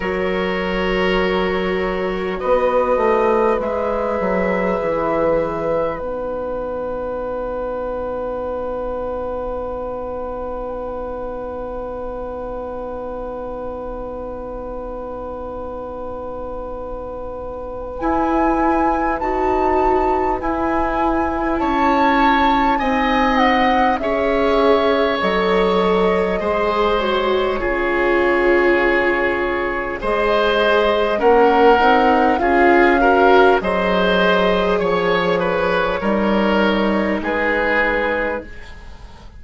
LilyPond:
<<
  \new Staff \with { instrumentName = "flute" } { \time 4/4 \tempo 4 = 50 cis''2 dis''4 e''4~ | e''4 fis''2.~ | fis''1~ | fis''2. gis''4 |
a''4 gis''4 a''4 gis''8 fis''8 | e''4 dis''4. cis''4.~ | cis''4 dis''4 fis''4 f''4 | dis''4 cis''2 b'4 | }
  \new Staff \with { instrumentName = "oboe" } { \time 4/4 ais'2 b'2~ | b'1~ | b'1~ | b'1~ |
b'2 cis''4 dis''4 | cis''2 c''4 gis'4~ | gis'4 c''4 ais'4 gis'8 ais'8 | c''4 cis''8 b'8 ais'4 gis'4 | }
  \new Staff \with { instrumentName = "viola" } { \time 4/4 fis'2. gis'4~ | gis'4 dis'2.~ | dis'1~ | dis'2. e'4 |
fis'4 e'2 dis'4 | gis'4 a'4 gis'8 fis'8 f'4~ | f'4 gis'4 cis'8 dis'8 f'8 fis'8 | gis'2 dis'2 | }
  \new Staff \with { instrumentName = "bassoon" } { \time 4/4 fis2 b8 a8 gis8 fis8 | e4 b2.~ | b1~ | b2. e'4 |
dis'4 e'4 cis'4 c'4 | cis'4 fis4 gis4 cis4~ | cis4 gis4 ais8 c'8 cis'4 | fis4 f4 g4 gis4 | }
>>